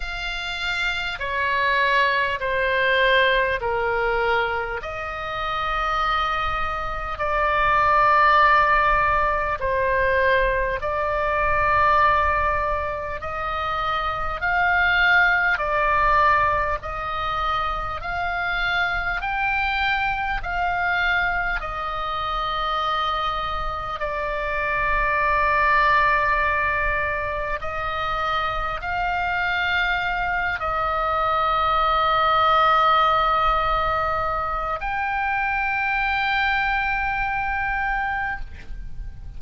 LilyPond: \new Staff \with { instrumentName = "oboe" } { \time 4/4 \tempo 4 = 50 f''4 cis''4 c''4 ais'4 | dis''2 d''2 | c''4 d''2 dis''4 | f''4 d''4 dis''4 f''4 |
g''4 f''4 dis''2 | d''2. dis''4 | f''4. dis''2~ dis''8~ | dis''4 g''2. | }